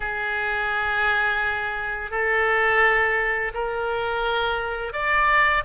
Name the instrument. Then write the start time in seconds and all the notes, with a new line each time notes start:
oboe
0.00 G#4
2.10 A4
3.54 A#4
4.92 D5